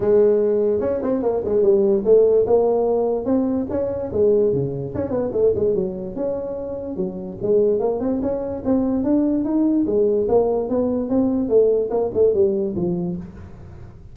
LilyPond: \new Staff \with { instrumentName = "tuba" } { \time 4/4 \tempo 4 = 146 gis2 cis'8 c'8 ais8 gis8 | g4 a4 ais2 | c'4 cis'4 gis4 cis4 | cis'8 b8 a8 gis8 fis4 cis'4~ |
cis'4 fis4 gis4 ais8 c'8 | cis'4 c'4 d'4 dis'4 | gis4 ais4 b4 c'4 | a4 ais8 a8 g4 f4 | }